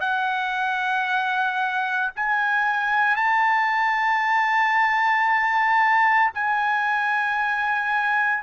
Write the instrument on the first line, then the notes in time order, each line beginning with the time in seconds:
trumpet
0.00 F#5
2.16 G#5
3.16 A5
6.34 G#5